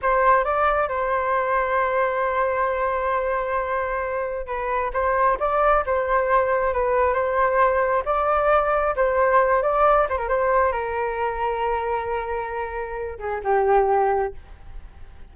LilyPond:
\new Staff \with { instrumentName = "flute" } { \time 4/4 \tempo 4 = 134 c''4 d''4 c''2~ | c''1~ | c''2 b'4 c''4 | d''4 c''2 b'4 |
c''2 d''2 | c''4. d''4 c''16 ais'16 c''4 | ais'1~ | ais'4. gis'8 g'2 | }